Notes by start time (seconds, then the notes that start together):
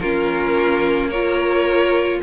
0.00 A#3 C#4 F4 A#4
1.09 F4 A#4 C#5